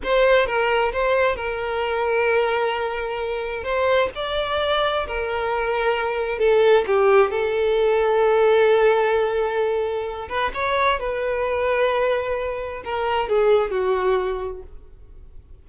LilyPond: \new Staff \with { instrumentName = "violin" } { \time 4/4 \tempo 4 = 131 c''4 ais'4 c''4 ais'4~ | ais'1 | c''4 d''2 ais'4~ | ais'2 a'4 g'4 |
a'1~ | a'2~ a'8 b'8 cis''4 | b'1 | ais'4 gis'4 fis'2 | }